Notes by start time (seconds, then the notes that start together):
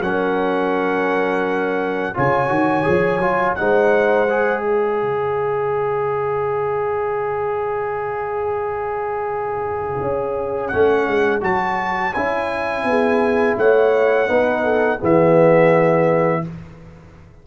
0.00 F#3 C#4 A#4 F#5
2.14 C#3 F4 C#5 G#5
2.48 D#3 F#4
2.84 F3 G#4
3.19 F#3 F4
3.55 G#3 D#4 C5 F#5
4.30 G#4
4.62 C#5 F5
5.02 C#3
10.01 C#4
10.67 C#4 F#5
10.74 A3
11.07 G#3
11.41 F#3 F#4 A5
12.14 C#4 E4 G#5
12.84 B3 G#4
13.57 A3 C#5 F#5
14.28 B3 D#4 B4
14.64 A4
14.99 E3 B3 G#4 E5